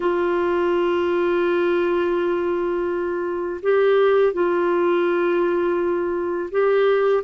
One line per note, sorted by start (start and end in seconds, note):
0.00 3.60 F4
3.62 4.33 G4
4.33 6.50 F4
6.51 7.23 G4